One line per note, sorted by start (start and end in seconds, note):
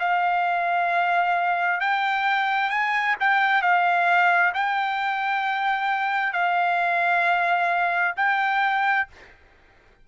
0.00 1.81 F5
1.81 2.70 G5
2.70 3.16 G#5
3.21 3.62 G5
3.62 4.53 F5
4.54 6.33 G5
6.33 8.15 F5
8.17 9.08 G5